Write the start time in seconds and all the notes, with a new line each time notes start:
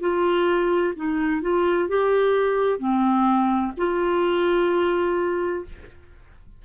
0.00 F4
0.96 D#4
1.41 F4
1.89 G4
2.79 C4
3.78 F4